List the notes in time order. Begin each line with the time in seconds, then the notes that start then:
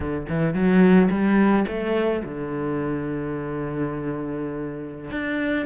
0.00 D3
0.29 E3
0.54 F#3
1.10 G3
1.67 A3
2.24 D3
5.11 D4